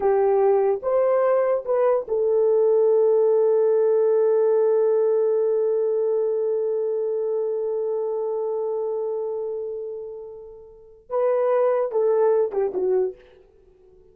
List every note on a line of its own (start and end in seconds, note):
0.00 0.80 G4
0.82 1.64 C5
1.65 2.06 B4
2.08 11.09 A4
11.09 11.91 B4
11.91 12.51 A4
12.51 12.72 G4
12.74 13.15 F#4